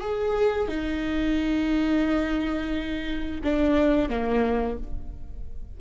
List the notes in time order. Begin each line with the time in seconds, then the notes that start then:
0.00 G#4
0.68 D#4
3.43 D4
4.09 A#3